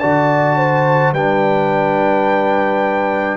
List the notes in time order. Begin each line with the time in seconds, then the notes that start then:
0.00 D3 F#4 D5 A5
0.58 C5
1.13 G3 D4 B4 G5